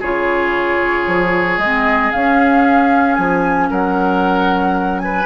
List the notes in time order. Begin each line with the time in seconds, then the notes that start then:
0.00 C#3 F4 G#4 C#5
1.07 F3
1.58 G#3 C4 D#5
2.12 C#4 F5
3.15 F3 G#5
3.70 F#3 A#4 F#5
5.00 B4 G#5